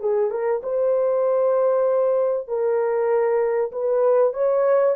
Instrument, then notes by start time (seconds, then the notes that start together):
horn
0.00 G#4
0.31 A#4
0.63 C5
2.48 A#4
3.72 B4
4.34 C#5